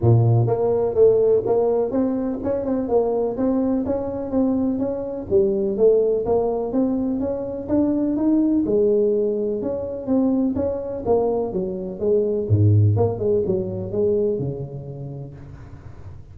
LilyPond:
\new Staff \with { instrumentName = "tuba" } { \time 4/4 \tempo 4 = 125 ais,4 ais4 a4 ais4 | c'4 cis'8 c'8 ais4 c'4 | cis'4 c'4 cis'4 g4 | a4 ais4 c'4 cis'4 |
d'4 dis'4 gis2 | cis'4 c'4 cis'4 ais4 | fis4 gis4 gis,4 ais8 gis8 | fis4 gis4 cis2 | }